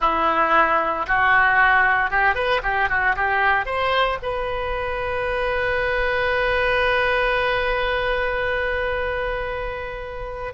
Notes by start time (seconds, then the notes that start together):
0.00 E4
1.07 F#4
2.10 G4
2.34 B4
2.62 G4
2.89 F#4
3.16 G4
3.65 C5
4.22 B4